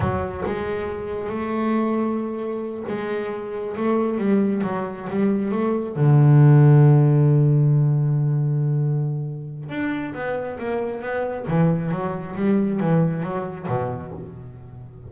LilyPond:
\new Staff \with { instrumentName = "double bass" } { \time 4/4 \tempo 4 = 136 fis4 gis2 a4~ | a2~ a8 gis4.~ | gis8 a4 g4 fis4 g8~ | g8 a4 d2~ d8~ |
d1~ | d2 d'4 b4 | ais4 b4 e4 fis4 | g4 e4 fis4 b,4 | }